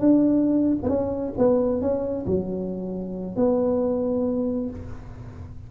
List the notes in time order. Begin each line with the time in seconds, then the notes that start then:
0.00 D4
0.83 B3
0.89 C#4
1.38 B3
1.81 C#4
2.26 F#3
3.36 B3